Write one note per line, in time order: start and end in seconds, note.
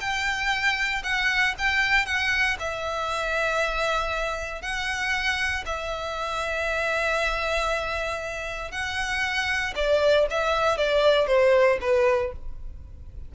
0.00 1.03 G5
1.03 1.54 F#5
1.58 2.05 G5
2.05 2.57 F#5
2.59 4.62 E5
4.62 5.64 F#5
5.65 8.71 E5
8.71 9.74 F#5
9.75 10.26 D5
10.30 10.77 E5
10.77 11.27 D5
11.27 11.78 C5
11.81 12.32 B4